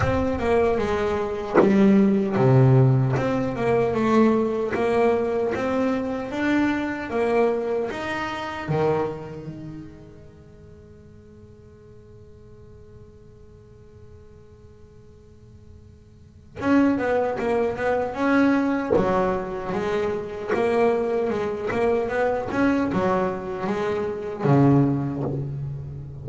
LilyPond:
\new Staff \with { instrumentName = "double bass" } { \time 4/4 \tempo 4 = 76 c'8 ais8 gis4 g4 c4 | c'8 ais8 a4 ais4 c'4 | d'4 ais4 dis'4 dis4 | gis1~ |
gis1~ | gis4 cis'8 b8 ais8 b8 cis'4 | fis4 gis4 ais4 gis8 ais8 | b8 cis'8 fis4 gis4 cis4 | }